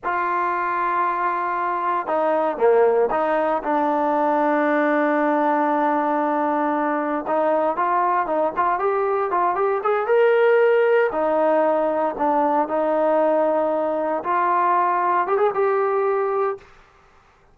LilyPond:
\new Staff \with { instrumentName = "trombone" } { \time 4/4 \tempo 4 = 116 f'1 | dis'4 ais4 dis'4 d'4~ | d'1~ | d'2 dis'4 f'4 |
dis'8 f'8 g'4 f'8 g'8 gis'8 ais'8~ | ais'4. dis'2 d'8~ | d'8 dis'2. f'8~ | f'4. g'16 gis'16 g'2 | }